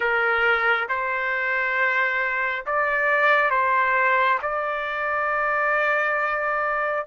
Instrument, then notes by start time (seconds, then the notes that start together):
trumpet
0.00 A#4
0.88 C5
2.66 D5
3.50 C5
4.42 D5